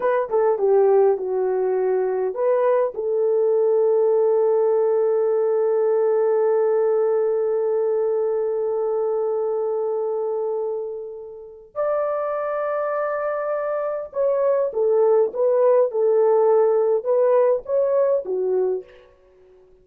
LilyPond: \new Staff \with { instrumentName = "horn" } { \time 4/4 \tempo 4 = 102 b'8 a'8 g'4 fis'2 | b'4 a'2.~ | a'1~ | a'1~ |
a'1 | d''1 | cis''4 a'4 b'4 a'4~ | a'4 b'4 cis''4 fis'4 | }